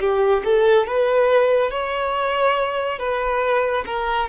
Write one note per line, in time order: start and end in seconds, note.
0.00 0.43 G4
0.44 0.87 A4
0.87 1.71 B4
1.71 2.99 C#5
2.99 3.85 B4
3.86 4.29 A#4